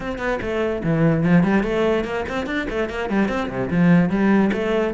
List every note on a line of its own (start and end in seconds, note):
0.00 0.18 C4
0.18 0.39 B3
0.41 0.82 A3
0.83 1.23 E3
1.23 1.43 F3
1.43 1.63 G3
1.63 2.04 A3
2.04 2.24 A#3
2.28 2.46 C4
2.46 2.67 D4
2.69 2.89 A3
2.89 3.09 A#3
3.09 3.28 G3
3.28 3.49 C4
3.49 3.69 C3
3.70 4.09 F3
4.09 4.50 G3
4.52 4.93 A3